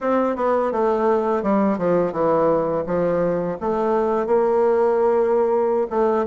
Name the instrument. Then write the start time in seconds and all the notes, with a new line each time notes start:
bassoon
0.01 C4
0.36 B3
0.71 A3
1.43 G3
1.78 F3
2.12 E3
2.86 F3
3.60 A3
4.26 A#3
5.89 A3